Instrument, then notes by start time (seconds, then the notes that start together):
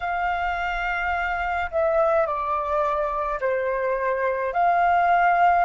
flute
0.00 F5
1.71 E5
2.26 D5
3.40 C5
4.53 F5